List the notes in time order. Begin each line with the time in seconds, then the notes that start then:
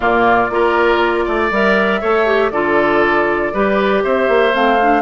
0.00 A#2 A#3 F4 D5
0.50 A#3 F4 A#4
1.25 A3 D5
1.50 G3 A#4 E5
2.00 A3 A4 C#5
2.26 G4
2.51 D3 F4 A4 D5
3.53 G3 G4 B4
4.03 C4 C5 E5
4.28 A#3
4.52 A3 C4 F5
4.81 D4